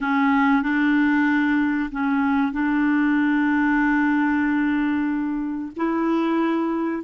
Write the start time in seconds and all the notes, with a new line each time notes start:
0.01 C#4
0.62 D4
1.91 C#4
2.52 D4
5.76 E4